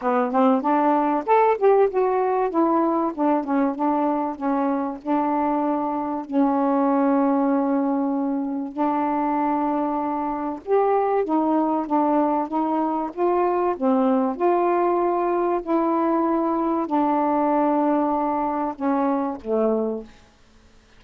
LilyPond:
\new Staff \with { instrumentName = "saxophone" } { \time 4/4 \tempo 4 = 96 b8 c'8 d'4 a'8 g'8 fis'4 | e'4 d'8 cis'8 d'4 cis'4 | d'2 cis'2~ | cis'2 d'2~ |
d'4 g'4 dis'4 d'4 | dis'4 f'4 c'4 f'4~ | f'4 e'2 d'4~ | d'2 cis'4 a4 | }